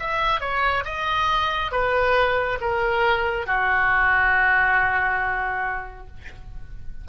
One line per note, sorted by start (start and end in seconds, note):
0.00 0.41 E5
0.41 0.84 C#5
0.85 1.72 D#5
1.72 2.59 B4
2.61 3.47 A#4
3.47 6.08 F#4